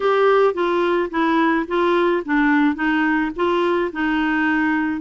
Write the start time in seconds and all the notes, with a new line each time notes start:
0.00 G4
0.54 F4
1.10 E4
1.67 F4
2.25 D4
2.75 D#4
3.35 F4
3.92 D#4